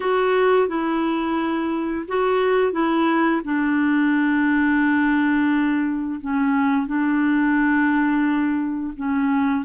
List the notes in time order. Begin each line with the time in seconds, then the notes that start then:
0.00 F#4
0.68 E4
2.08 F#4
2.72 E4
3.44 D4
6.20 C#4
6.86 D4
8.96 C#4